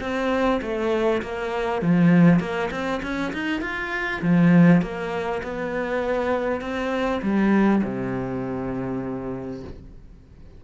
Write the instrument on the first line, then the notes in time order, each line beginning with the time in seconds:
cello
0.00 C4
0.61 A3
1.22 A#3
1.81 F3
2.39 A#3
2.71 C4
3.02 C#4
3.33 D#4
3.61 F4
4.21 F3
4.81 A#3
5.43 B3
6.61 C4
7.22 G3
7.83 C3